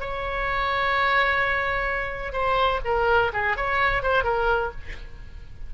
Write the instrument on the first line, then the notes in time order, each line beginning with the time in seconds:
oboe
0.00 C#5
2.32 C5
2.84 A#4
3.32 G#4
3.56 C#5
4.02 C5
4.23 A#4